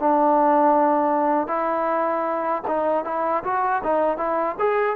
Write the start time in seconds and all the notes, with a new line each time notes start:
0.00 D4
1.48 E4
2.67 D#4
3.05 E4
3.44 F#4
3.84 D#4
4.17 E4
4.59 G#4